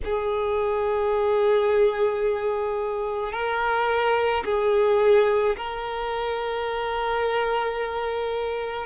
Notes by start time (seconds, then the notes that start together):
0.04 G#4
3.32 A#4
4.44 G#4
5.57 A#4